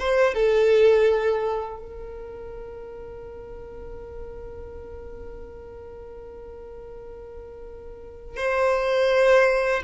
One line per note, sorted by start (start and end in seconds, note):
0.00 0.35 C5
0.35 1.80 A4
1.80 8.37 A#4
8.37 9.83 C5